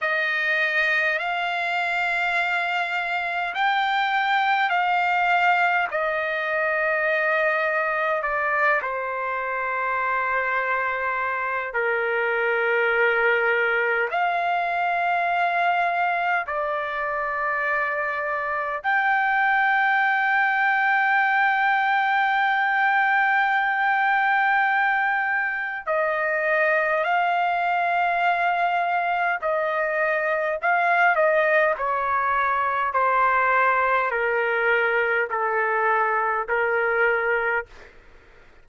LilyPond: \new Staff \with { instrumentName = "trumpet" } { \time 4/4 \tempo 4 = 51 dis''4 f''2 g''4 | f''4 dis''2 d''8 c''8~ | c''2 ais'2 | f''2 d''2 |
g''1~ | g''2 dis''4 f''4~ | f''4 dis''4 f''8 dis''8 cis''4 | c''4 ais'4 a'4 ais'4 | }